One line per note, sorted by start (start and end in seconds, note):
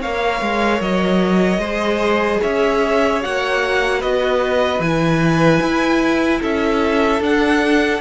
0.00 0.41 A#3
0.00 1.62 A#4
0.00 1.60 C#5
0.00 0.81 F5
0.41 0.80 G#3
0.80 1.58 F#3
0.80 2.41 D#5
1.58 2.38 G#3
1.58 3.21 G#4
1.58 2.40 C5
2.41 3.24 C#4
2.41 3.99 C#5
2.41 3.22 E5
3.21 4.03 A#3
3.21 4.81 F#4
3.21 4.01 F#5
3.99 4.79 B3
3.99 6.39 B4
3.99 4.81 D#5
4.79 5.59 E3
4.79 7.21 E4
4.79 6.42 G#5
5.61 6.41 E4
6.41 7.20 C#4
6.41 8.01 A4
6.41 7.23 E5
7.20 8.00 D4
7.20 8.01 D4
7.20 8.01 F#5